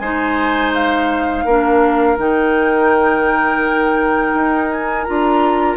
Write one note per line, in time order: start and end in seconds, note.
0.00 1.45 G#3
0.00 1.48 D#4
0.00 1.45 C5
0.00 0.72 G#5
0.74 2.19 F5
1.45 2.18 A#3
1.45 2.18 D4
1.45 5.77 A#4
2.18 4.34 D#3
2.18 5.07 D#4
2.18 4.72 G5
4.34 5.06 D#4
4.72 5.05 G#5
5.05 5.77 D4
5.05 5.77 F4
5.05 5.77 A#5